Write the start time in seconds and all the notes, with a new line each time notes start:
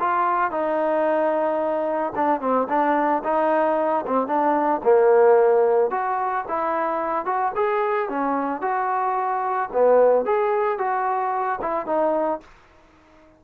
0.00 F4
0.51 D#4
2.15 D4
2.41 C4
2.69 D4
3.24 D#4
4.07 C4
4.27 D4
4.84 A#3
5.91 F#4
6.48 E4
7.25 F#4
7.56 G#4
8.09 C#4
8.61 F#4
9.73 B3
10.26 G#4
10.78 F#4
11.62 E4
11.86 D#4